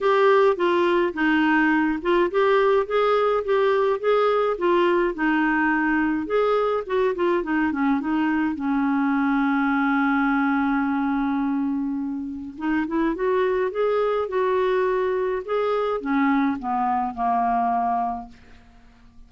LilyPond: \new Staff \with { instrumentName = "clarinet" } { \time 4/4 \tempo 4 = 105 g'4 f'4 dis'4. f'8 | g'4 gis'4 g'4 gis'4 | f'4 dis'2 gis'4 | fis'8 f'8 dis'8 cis'8 dis'4 cis'4~ |
cis'1~ | cis'2 dis'8 e'8 fis'4 | gis'4 fis'2 gis'4 | cis'4 b4 ais2 | }